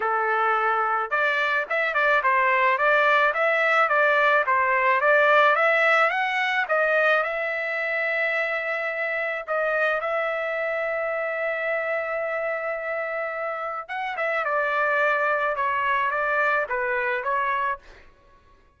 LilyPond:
\new Staff \with { instrumentName = "trumpet" } { \time 4/4 \tempo 4 = 108 a'2 d''4 e''8 d''8 | c''4 d''4 e''4 d''4 | c''4 d''4 e''4 fis''4 | dis''4 e''2.~ |
e''4 dis''4 e''2~ | e''1~ | e''4 fis''8 e''8 d''2 | cis''4 d''4 b'4 cis''4 | }